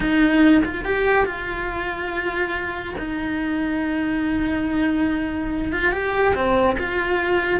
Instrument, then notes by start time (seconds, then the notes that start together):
cello
0.00 D#4
0.65 F4
0.85 G4
1.25 F4
2.98 D#4
5.72 F4
5.92 G4
6.34 C4
6.78 F4